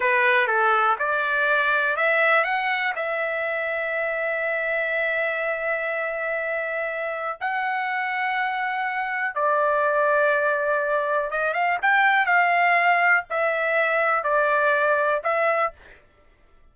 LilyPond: \new Staff \with { instrumentName = "trumpet" } { \time 4/4 \tempo 4 = 122 b'4 a'4 d''2 | e''4 fis''4 e''2~ | e''1~ | e''2. fis''4~ |
fis''2. d''4~ | d''2. dis''8 f''8 | g''4 f''2 e''4~ | e''4 d''2 e''4 | }